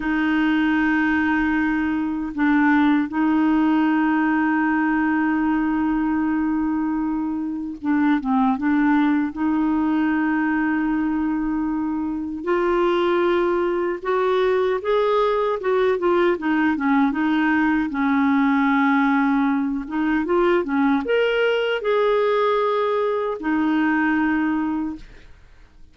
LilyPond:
\new Staff \with { instrumentName = "clarinet" } { \time 4/4 \tempo 4 = 77 dis'2. d'4 | dis'1~ | dis'2 d'8 c'8 d'4 | dis'1 |
f'2 fis'4 gis'4 | fis'8 f'8 dis'8 cis'8 dis'4 cis'4~ | cis'4. dis'8 f'8 cis'8 ais'4 | gis'2 dis'2 | }